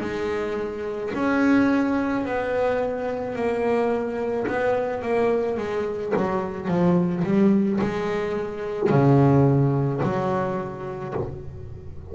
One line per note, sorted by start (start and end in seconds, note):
0.00 1.11 G#3
1.14 2.25 C#4
2.25 3.35 B3
3.35 4.46 A#3
4.47 5.02 B3
5.02 5.57 A#3
5.58 6.13 G#3
6.16 6.68 F#3
6.68 7.23 F3
7.24 7.79 G3
7.80 8.89 G#3
8.89 10.01 C#3
10.03 11.14 F#3